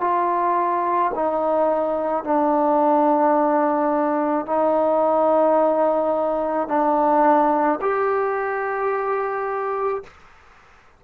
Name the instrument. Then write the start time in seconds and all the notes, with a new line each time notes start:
trombone
0.00 F4
1.15 D#4
2.24 D4
4.45 D#4
6.68 D4
7.81 G4